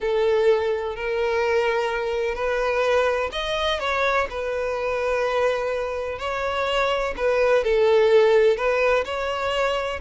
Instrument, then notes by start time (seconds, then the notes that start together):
violin
0.00 A4
0.95 A#4
2.34 B4
3.32 D#5
3.79 C#5
4.29 B4
6.19 C#5
7.16 B4
7.64 A4
8.56 B4
9.04 C#5